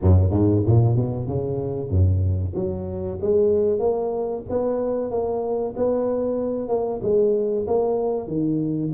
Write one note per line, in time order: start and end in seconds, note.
0.01 0.30 F#2
0.30 0.62 G#2
0.66 0.95 A#2
0.95 1.26 B2
1.26 1.89 C#3
1.89 2.53 F#2
2.55 3.19 F#3
3.21 3.79 G#3
3.79 4.42 A#3
4.49 5.10 B3
5.10 5.74 A#3
5.76 6.68 B3
6.68 7.00 A#3
7.02 7.66 G#3
7.67 8.27 A#3
8.27 8.91 D#3